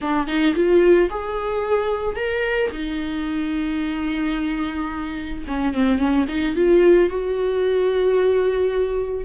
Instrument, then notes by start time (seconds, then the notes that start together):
viola
0.01 D4
0.27 D#4
0.55 F4
1.09 G#4
2.16 A#4
2.71 D#4
5.47 C#4
5.73 C4
5.98 C#4
6.28 D#4
6.55 F4
7.09 F#4